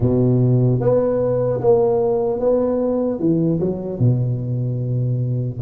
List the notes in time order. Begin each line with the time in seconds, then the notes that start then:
0.00 B2
0.80 B3
1.60 A#3
2.39 B3
3.19 E3
3.60 F#3
3.99 B2